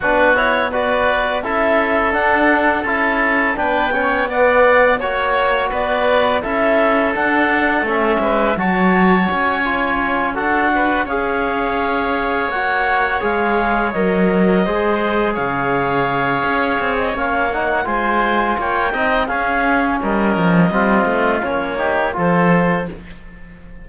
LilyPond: <<
  \new Staff \with { instrumentName = "clarinet" } { \time 4/4 \tempo 4 = 84 b'8 cis''8 d''4 e''4 fis''4 | a''4 g''4 fis''4 cis''4 | d''4 e''4 fis''4 e''4 | a''4 gis''4. fis''4 f''8~ |
f''4. fis''4 f''4 dis''8~ | dis''4. f''2~ f''16 dis''16 | f''8 fis''8 gis''4 g''4 f''4 | dis''2 cis''4 c''4 | }
  \new Staff \with { instrumentName = "oboe" } { \time 4/4 fis'4 b'4 a'2~ | a'4 b'8 cis''8 d''4 cis''4 | b'4 a'2~ a'8 b'8 | cis''2~ cis''8 a'8 b'8 cis''8~ |
cis''1~ | cis''8 c''4 cis''2~ cis''8~ | cis''4 c''4 cis''8 dis''8 gis'4 | ais'4 f'4. g'8 a'4 | }
  \new Staff \with { instrumentName = "trombone" } { \time 4/4 d'8 e'8 fis'4 e'4 d'4 | e'4 d'8 cis'8 b4 fis'4~ | fis'4 e'4 d'4 cis'4 | fis'4. f'4 fis'4 gis'8~ |
gis'4. fis'4 gis'4 ais'8~ | ais'8 gis'2.~ gis'8 | cis'8 dis'8 f'4. dis'8 cis'4~ | cis'4 c'4 cis'8 dis'8 f'4 | }
  \new Staff \with { instrumentName = "cello" } { \time 4/4 b2 cis'4 d'4 | cis'4 b2 ais4 | b4 cis'4 d'4 a8 gis8 | fis4 cis'4. d'4 cis'8~ |
cis'4. ais4 gis4 fis8~ | fis8 gis4 cis4. cis'8 c'8 | ais4 gis4 ais8 c'8 cis'4 | g8 f8 g8 a8 ais4 f4 | }
>>